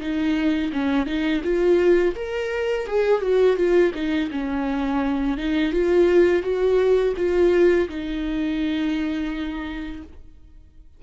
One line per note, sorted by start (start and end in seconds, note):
0.00 0.71 D#4
0.72 1.06 C#4
1.06 1.42 D#4
1.44 2.15 F4
2.15 2.86 A#4
2.86 3.21 G#4
3.21 3.56 F#4
3.56 3.92 F4
3.94 4.30 D#4
4.31 5.37 C#4
5.37 5.72 D#4
5.72 6.42 F4
6.42 7.14 F#4
7.17 7.88 F4
7.88 10.03 D#4